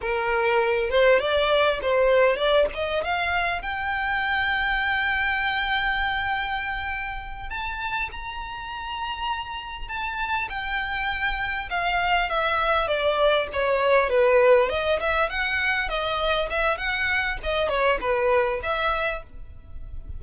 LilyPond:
\new Staff \with { instrumentName = "violin" } { \time 4/4 \tempo 4 = 100 ais'4. c''8 d''4 c''4 | d''8 dis''8 f''4 g''2~ | g''1~ | g''8 a''4 ais''2~ ais''8~ |
ais''8 a''4 g''2 f''8~ | f''8 e''4 d''4 cis''4 b'8~ | b'8 dis''8 e''8 fis''4 dis''4 e''8 | fis''4 dis''8 cis''8 b'4 e''4 | }